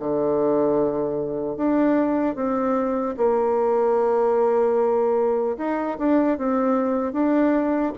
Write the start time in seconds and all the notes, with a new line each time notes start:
0.00 D3
1.57 D4
2.36 C4
3.17 A#3
5.58 D#4
5.99 D4
6.38 C4
7.13 D4